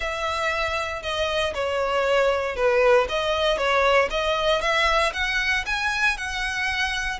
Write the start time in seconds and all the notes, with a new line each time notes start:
0.00 E5
1.02 D#5
1.54 C#5
2.55 B4
3.09 D#5
3.57 C#5
4.10 D#5
4.61 E5
5.13 F#5
5.65 G#5
6.17 F#5